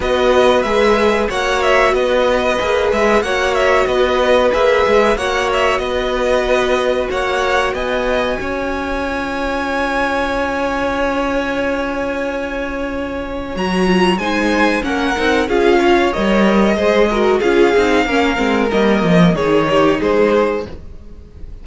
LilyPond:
<<
  \new Staff \with { instrumentName = "violin" } { \time 4/4 \tempo 4 = 93 dis''4 e''4 fis''8 e''8 dis''4~ | dis''8 e''8 fis''8 e''8 dis''4 e''4 | fis''8 e''8 dis''2 fis''4 | gis''1~ |
gis''1~ | gis''4 ais''4 gis''4 fis''4 | f''4 dis''2 f''4~ | f''4 dis''4 cis''4 c''4 | }
  \new Staff \with { instrumentName = "violin" } { \time 4/4 b'2 cis''4 b'4~ | b'4 cis''4 b'2 | cis''4 b'2 cis''4 | dis''4 cis''2.~ |
cis''1~ | cis''2 c''4 ais'4 | gis'8 cis''4. c''8 ais'8 gis'4 | ais'2 gis'8 g'8 gis'4 | }
  \new Staff \with { instrumentName = "viola" } { \time 4/4 fis'4 gis'4 fis'2 | gis'4 fis'2 gis'4 | fis'1~ | fis'2 f'2~ |
f'1~ | f'4 fis'8 f'8 dis'4 cis'8 dis'8 | f'4 ais'4 gis'8 fis'8 f'8 dis'8 | cis'8 c'8 ais4 dis'2 | }
  \new Staff \with { instrumentName = "cello" } { \time 4/4 b4 gis4 ais4 b4 | ais8 gis8 ais4 b4 ais8 gis8 | ais4 b2 ais4 | b4 cis'2.~ |
cis'1~ | cis'4 fis4 gis4 ais8 c'8 | cis'4 g4 gis4 cis'8 c'8 | ais8 gis8 g8 f8 dis4 gis4 | }
>>